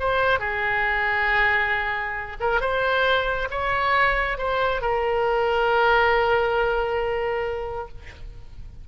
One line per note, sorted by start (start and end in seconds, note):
0.00 0.40 C5
0.40 2.37 G#4
2.41 2.61 A#4
2.61 3.49 C5
3.51 4.38 C#5
4.38 4.82 C5
4.82 7.88 A#4